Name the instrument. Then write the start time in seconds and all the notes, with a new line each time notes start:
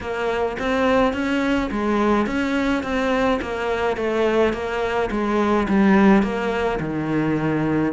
cello
0.00 A#3
0.58 C4
1.13 C#4
1.71 G#3
2.26 C#4
2.83 C4
3.41 A#3
3.96 A3
4.53 A#3
5.10 G#3
5.68 G3
6.22 A#3
6.80 D#3